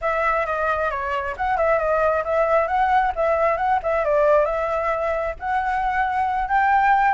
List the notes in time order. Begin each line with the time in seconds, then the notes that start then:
0.01 E5
0.45 D#5
0.90 C#5
1.36 F#5
1.57 E5
1.78 D#5
2.24 E5
2.67 F#5
3.15 E5
3.57 F#5
3.83 E5
4.04 D5
4.45 E5
5.39 F#5
6.48 G5